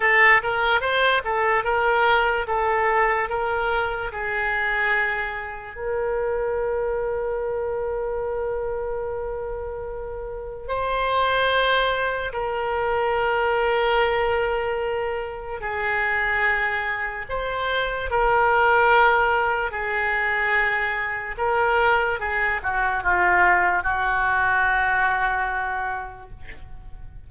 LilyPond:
\new Staff \with { instrumentName = "oboe" } { \time 4/4 \tempo 4 = 73 a'8 ais'8 c''8 a'8 ais'4 a'4 | ais'4 gis'2 ais'4~ | ais'1~ | ais'4 c''2 ais'4~ |
ais'2. gis'4~ | gis'4 c''4 ais'2 | gis'2 ais'4 gis'8 fis'8 | f'4 fis'2. | }